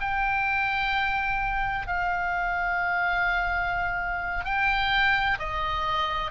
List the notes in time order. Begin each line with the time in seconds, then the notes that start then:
0.00 G5
1.87 F5
4.44 G5
5.39 D#5